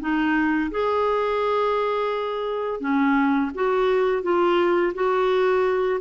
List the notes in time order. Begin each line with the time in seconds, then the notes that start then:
0.00 D#4
0.71 G#4
2.80 C#4
3.55 F#4
4.23 F4
4.94 F#4